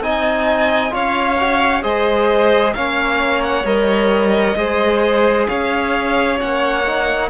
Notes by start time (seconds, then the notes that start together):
0.00 C4 D#4 D#5 G#5
0.90 C#4 F4 C#5 F5
1.39 F#4
1.82 G#3 G#4 C5 D#5
2.73 A#3 C#4 C#5 F5
3.43 F#5
3.64 G3 A#4 D#5
4.56 G#3 G#4 C5
5.47 C#4 C#5 F5
6.38 A#3 C#4 F#5
6.86 D#4